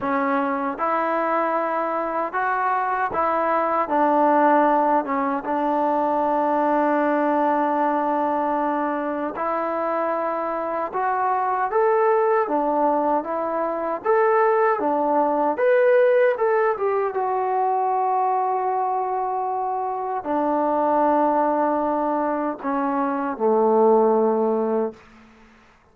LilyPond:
\new Staff \with { instrumentName = "trombone" } { \time 4/4 \tempo 4 = 77 cis'4 e'2 fis'4 | e'4 d'4. cis'8 d'4~ | d'1 | e'2 fis'4 a'4 |
d'4 e'4 a'4 d'4 | b'4 a'8 g'8 fis'2~ | fis'2 d'2~ | d'4 cis'4 a2 | }